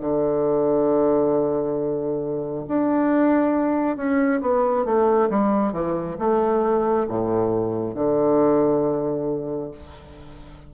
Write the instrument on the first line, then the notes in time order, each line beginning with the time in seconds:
bassoon
0.00 D3
2.67 D4
3.96 C#4
4.41 B3
4.84 A3
5.29 G3
5.72 E3
6.18 A3
7.08 A2
7.94 D3